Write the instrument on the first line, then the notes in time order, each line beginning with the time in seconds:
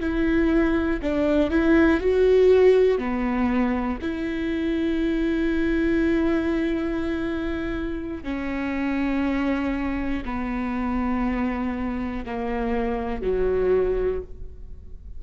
viola
0.00 E4
1.02 D4
1.50 E4
2.00 F#4
2.99 B3
4.02 E4
8.24 C#4
10.25 B3
12.25 A#3
13.22 F#3